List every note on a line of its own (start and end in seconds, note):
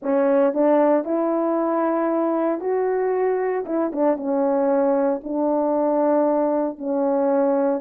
0.02 0.53 C#4
0.53 1.04 D4
1.04 2.60 E4
2.60 3.65 F#4
3.65 3.91 E4
3.92 4.16 D4
4.16 5.21 C#4
5.23 6.78 D4
6.78 7.80 C#4